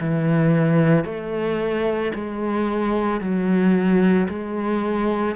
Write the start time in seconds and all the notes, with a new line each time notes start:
0.00 E3
1.05 A3
2.14 G#3
3.20 F#3
4.29 G#3